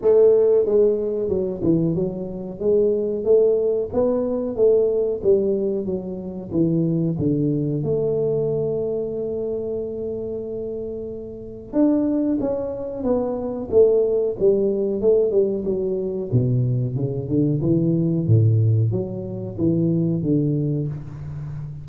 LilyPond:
\new Staff \with { instrumentName = "tuba" } { \time 4/4 \tempo 4 = 92 a4 gis4 fis8 e8 fis4 | gis4 a4 b4 a4 | g4 fis4 e4 d4 | a1~ |
a2 d'4 cis'4 | b4 a4 g4 a8 g8 | fis4 b,4 cis8 d8 e4 | a,4 fis4 e4 d4 | }